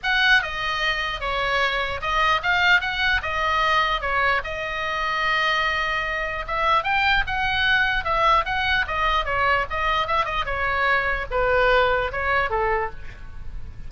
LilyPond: \new Staff \with { instrumentName = "oboe" } { \time 4/4 \tempo 4 = 149 fis''4 dis''2 cis''4~ | cis''4 dis''4 f''4 fis''4 | dis''2 cis''4 dis''4~ | dis''1 |
e''4 g''4 fis''2 | e''4 fis''4 dis''4 cis''4 | dis''4 e''8 dis''8 cis''2 | b'2 cis''4 a'4 | }